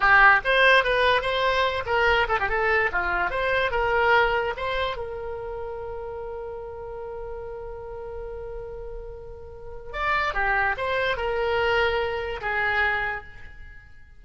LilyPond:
\new Staff \with { instrumentName = "oboe" } { \time 4/4 \tempo 4 = 145 g'4 c''4 b'4 c''4~ | c''8 ais'4 a'16 g'16 a'4 f'4 | c''4 ais'2 c''4 | ais'1~ |
ais'1~ | ais'1 | d''4 g'4 c''4 ais'4~ | ais'2 gis'2 | }